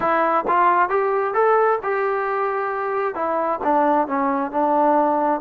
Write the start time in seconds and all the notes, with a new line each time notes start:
0.00 E4
0.47 F4
0.89 G4
1.33 A4
1.82 G4
3.14 E4
3.63 D4
4.07 C#4
4.51 D4